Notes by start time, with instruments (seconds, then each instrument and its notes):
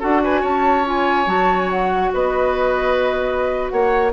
0.00 bassoon D4, clarinet F#4, oboe A4, flute F#5
0.23 oboe B4, flute G#5
0.41 bassoon C#4, oboe C#5, flute A5
0.85 clarinet F4, flute G#5
1.26 bassoon F#3, clarinet F#4, flute A5
1.59 flute G#5
1.70 flute F#5
2.14 bassoon B3, oboe B4, flute D#5
3.69 bassoon A#3, oboe C#5, flute F#5